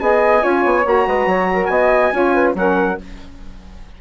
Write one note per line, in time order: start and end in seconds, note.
0.00 0.43 B3
0.00 0.40 G#4
0.00 0.43 D#5
0.00 0.85 G#5
0.40 0.65 C#4
0.40 0.82 F4
0.40 1.07 C#5
0.65 0.85 B3
0.84 1.07 A#3
0.84 2.12 F#4
0.84 1.66 A#5
1.07 1.26 G#3
1.07 1.29 B4
1.26 1.69 F#3
1.26 1.50 C#5
1.54 1.71 A#4
1.66 2.11 B3
1.66 2.13 D#5
1.66 2.51 G#5
2.12 2.55 C#4
2.12 2.55 F4
2.12 2.34 C#5
2.34 2.55 B4
2.55 2.97 F#3
2.55 2.98 C#4
2.55 3.01 A#4
2.55 3.00 F#5